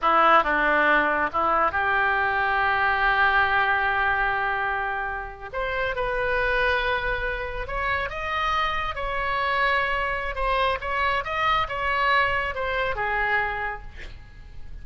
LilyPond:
\new Staff \with { instrumentName = "oboe" } { \time 4/4 \tempo 4 = 139 e'4 d'2 e'4 | g'1~ | g'1~ | g'8. c''4 b'2~ b'16~ |
b'4.~ b'16 cis''4 dis''4~ dis''16~ | dis''8. cis''2.~ cis''16 | c''4 cis''4 dis''4 cis''4~ | cis''4 c''4 gis'2 | }